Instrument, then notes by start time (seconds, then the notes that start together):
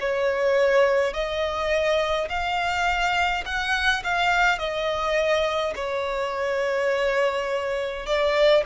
violin
0.00 C#5
1.13 D#5
2.29 F5
3.45 F#5
4.04 F5
4.58 D#5
5.75 C#5
8.06 D5